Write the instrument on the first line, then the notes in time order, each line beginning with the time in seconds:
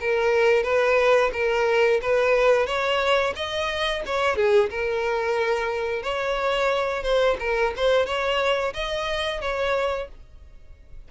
violin
0.00 A#4
0.63 B4
1.33 A#4
2.01 B4
2.66 C#5
3.35 D#5
4.06 C#5
4.36 G#4
4.70 A#4
6.02 C#5
7.03 C5
7.39 A#4
7.76 C5
8.06 C#5
8.73 D#5
9.41 C#5